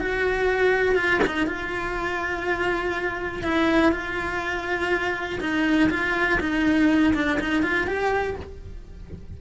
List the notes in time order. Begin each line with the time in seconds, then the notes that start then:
0.00 F#4
0.95 F4
1.26 D#4
1.47 F4
3.43 E4
3.92 F4
5.41 D#4
5.90 F4
6.40 D#4
7.14 D4
7.40 D#4
7.63 F4
7.87 G4